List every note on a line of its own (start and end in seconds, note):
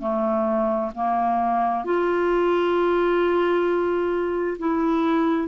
0.00 0.91 A3
0.95 1.85 A#3
1.85 4.57 F4
4.59 5.48 E4